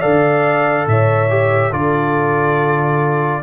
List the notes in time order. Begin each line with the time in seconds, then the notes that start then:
0.00 D3 A4 D5 F5
0.87 A2 C#5 E5
1.29 G4
1.71 D3 F4 A4 D5